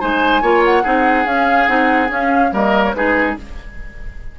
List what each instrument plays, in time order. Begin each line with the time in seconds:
0.00 bassoon G#3, clarinet D#4, oboe C5, flute G#5
0.41 bassoon A#3, clarinet F4, oboe C#5
0.64 flute F#5
0.83 bassoon C4, clarinet D#4, oboe G#4
1.25 bassoon C#4, clarinet C#4, flute F5
1.67 bassoon C4, clarinet D#4, flute F#5
2.09 bassoon C#4, clarinet C#4, flute F5
2.52 bassoon G3, clarinet A#3, oboe A#4, flute D#5
2.84 flute C#5
2.94 bassoon G#3, clarinet D#4, oboe G#4, flute B4